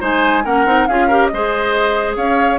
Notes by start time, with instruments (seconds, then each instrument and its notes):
0.00 bassoon G#3, clarinet D#4, oboe C5, flute G#5
0.44 bassoon A#3, clarinet C#4, oboe A#4, flute F#5
0.66 bassoon C4, clarinet D#4
0.87 bassoon C#4, clarinet F4, oboe G#4, flute F5
1.07 clarinet G4, oboe A#4
1.27 bassoon G#3, flute D#5
1.34 clarinet G#4, oboe C5
2.16 bassoon C#4, oboe C#5, flute F5